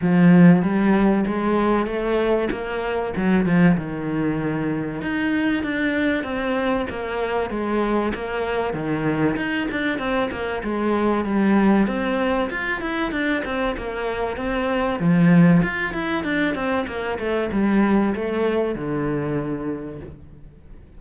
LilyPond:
\new Staff \with { instrumentName = "cello" } { \time 4/4 \tempo 4 = 96 f4 g4 gis4 a4 | ais4 fis8 f8 dis2 | dis'4 d'4 c'4 ais4 | gis4 ais4 dis4 dis'8 d'8 |
c'8 ais8 gis4 g4 c'4 | f'8 e'8 d'8 c'8 ais4 c'4 | f4 f'8 e'8 d'8 c'8 ais8 a8 | g4 a4 d2 | }